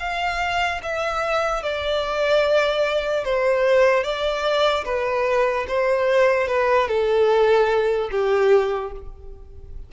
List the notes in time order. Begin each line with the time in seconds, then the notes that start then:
0.00 F5
0.83 E5
1.63 D5
3.25 C5
4.04 D5
4.85 B4
5.68 C5
6.48 B4
6.88 A4
8.11 G4